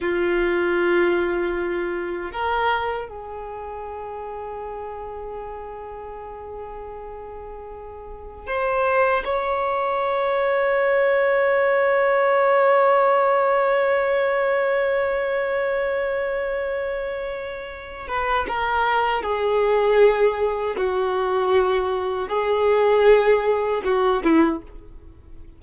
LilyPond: \new Staff \with { instrumentName = "violin" } { \time 4/4 \tempo 4 = 78 f'2. ais'4 | gis'1~ | gis'2. c''4 | cis''1~ |
cis''1~ | cis''2.~ cis''8 b'8 | ais'4 gis'2 fis'4~ | fis'4 gis'2 fis'8 e'8 | }